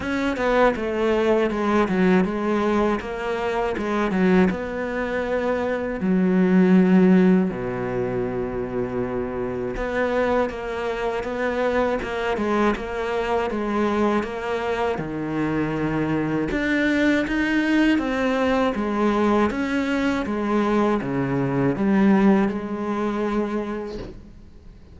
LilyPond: \new Staff \with { instrumentName = "cello" } { \time 4/4 \tempo 4 = 80 cis'8 b8 a4 gis8 fis8 gis4 | ais4 gis8 fis8 b2 | fis2 b,2~ | b,4 b4 ais4 b4 |
ais8 gis8 ais4 gis4 ais4 | dis2 d'4 dis'4 | c'4 gis4 cis'4 gis4 | cis4 g4 gis2 | }